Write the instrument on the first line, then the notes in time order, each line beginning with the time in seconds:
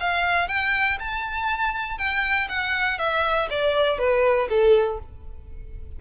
violin
0.00 F5
0.48 G5
0.99 A5
1.98 G5
2.49 F#5
2.98 E5
3.50 D5
3.98 B4
4.49 A4